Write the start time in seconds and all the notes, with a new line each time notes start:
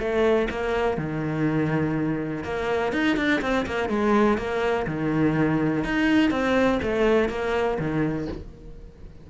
0.00 A3
0.51 A#3
0.98 D#3
2.44 A#3
2.93 D#4
3.17 D4
3.42 C4
3.67 A#3
3.90 G#3
4.38 A#3
4.87 D#3
5.85 D#4
6.31 C4
6.83 A3
7.29 A#3
7.79 D#3